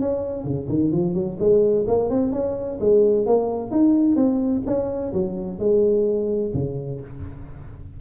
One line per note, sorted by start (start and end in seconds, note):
0.00 0.44 C#4
0.44 0.67 C#3
0.68 0.92 D#3
0.92 1.14 F3
1.14 1.37 F#3
1.39 1.85 G#3
1.87 2.09 A#3
2.09 2.32 C4
2.32 2.79 C#4
2.80 3.26 G#3
3.26 3.71 A#3
3.71 4.15 D#4
4.15 4.62 C4
4.66 5.12 C#4
5.13 5.59 F#3
5.59 6.52 G#3
6.54 7.00 C#3